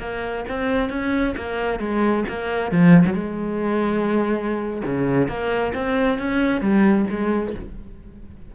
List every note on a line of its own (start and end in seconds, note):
0.00 0.45 A#3
0.49 0.90 C4
0.90 1.35 C#4
1.37 1.80 A#3
1.80 2.24 G#3
2.29 2.72 A#3
2.72 3.05 F3
3.07 3.14 F#3
3.14 4.82 G#3
4.86 5.29 C#3
5.29 5.73 A#3
5.75 6.19 C4
6.19 6.61 C#4
6.61 7.06 G3
7.10 7.55 G#3